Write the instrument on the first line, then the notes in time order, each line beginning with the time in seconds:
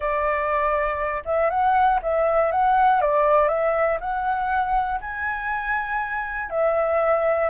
flute
0.00 D5
1.25 E5
1.50 F#5
2.02 E5
2.51 F#5
3.01 D5
3.48 E5
4.00 F#5
5.00 G#5
6.50 E5